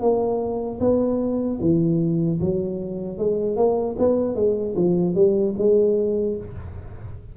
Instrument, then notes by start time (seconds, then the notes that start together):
tuba
0.00 A#3
0.80 B3
1.61 E3
2.40 F#3
3.18 G#3
3.56 A#3
3.98 B3
4.35 G#3
4.76 F3
5.15 G3
5.58 G#3